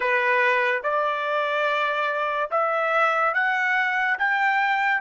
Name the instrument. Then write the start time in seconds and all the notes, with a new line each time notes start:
trumpet
0.00 B4
0.83 D5
2.50 E5
3.34 F#5
4.18 G5